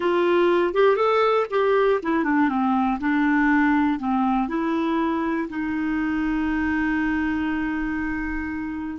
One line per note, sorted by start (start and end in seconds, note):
0.00 0.74 F4
0.74 0.96 G4
0.96 1.46 A4
1.50 2.00 G4
2.02 2.24 E4
2.24 2.48 D4
2.48 2.98 C4
3.00 3.99 D4
3.99 4.48 C4
4.48 5.48 E4
5.49 8.99 D#4